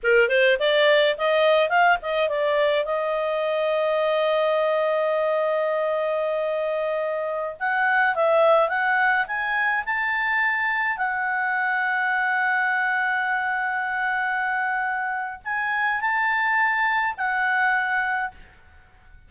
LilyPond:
\new Staff \with { instrumentName = "clarinet" } { \time 4/4 \tempo 4 = 105 ais'8 c''8 d''4 dis''4 f''8 dis''8 | d''4 dis''2.~ | dis''1~ | dis''4~ dis''16 fis''4 e''4 fis''8.~ |
fis''16 gis''4 a''2 fis''8.~ | fis''1~ | fis''2. gis''4 | a''2 fis''2 | }